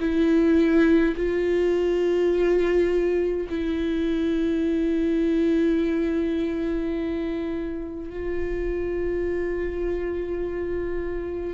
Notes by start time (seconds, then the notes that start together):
0.00 E4
1.16 F4
3.49 E4
8.10 F4